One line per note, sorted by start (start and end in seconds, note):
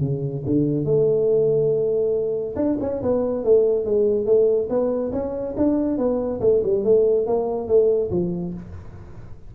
0.00 0.43 C#3
0.46 0.85 D3
0.85 2.55 A3
2.56 2.77 D4
2.80 3.01 C#4
3.02 3.44 B3
3.44 3.85 A3
3.85 4.25 G#3
4.25 4.68 A3
4.69 5.12 B3
5.12 5.55 C#4
5.56 5.97 D4
5.97 6.40 B3
6.40 6.62 A3
6.63 6.84 G3
6.84 7.26 A3
7.26 7.68 A#3
7.68 8.10 A3
8.10 8.53 F3